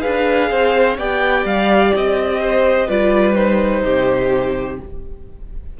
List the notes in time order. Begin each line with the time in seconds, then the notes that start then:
0.00 G#4 B4 F5
0.06 D4
0.50 C4 C5
0.97 B3 G4 D5 G5
1.44 G3 F5
1.95 C4 D#5
2.41 C5
2.87 G3 F4 B4 D5
3.35 D#4 C5
3.84 C3 G4